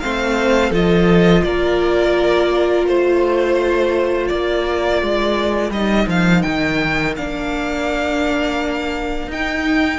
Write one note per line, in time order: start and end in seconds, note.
0.00 0.71 A3
0.00 0.73 C4
0.00 0.70 C5
0.00 0.71 F5
0.70 1.42 F3
0.70 5.73 F4
0.70 1.41 A4
0.70 1.43 D#5
1.43 2.87 A#3
1.43 2.89 A#4
1.43 2.85 D5
2.87 4.30 A3
2.87 4.28 C5
2.87 4.29 C5
4.28 5.02 A#3
4.28 9.99 A#4
4.28 5.71 D5
5.02 5.71 G#3
5.71 6.06 G3
5.71 7.17 D#4
5.71 6.08 D#5
6.07 6.43 F3
6.07 6.42 F5
6.42 7.17 D#3
6.42 7.14 G5
7.17 9.28 A#3
7.17 9.31 D4
7.17 9.31 F5
9.28 9.99 D#4
9.28 9.99 G5